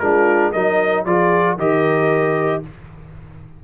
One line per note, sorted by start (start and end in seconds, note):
0.00 0.53 G#3
0.00 0.54 D4
0.00 0.53 F4
0.00 0.52 A#4
0.52 1.06 F#3
0.52 1.06 D#4
0.52 1.05 A#4
0.52 1.04 D#5
1.06 1.57 F3
1.06 1.59 F4
1.06 1.56 G#4
1.06 1.58 D5
1.56 2.61 D#3
1.56 2.63 G4
1.56 2.60 A#4
1.56 2.64 D#5